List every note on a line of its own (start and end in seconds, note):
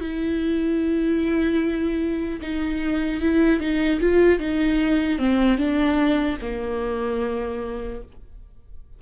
0.00 2.40 E4
2.41 3.21 D#4
3.21 3.60 E4
3.60 4.00 D#4
4.00 4.39 F4
4.39 5.18 D#4
5.18 5.57 C4
5.57 6.37 D4
6.41 8.01 A#3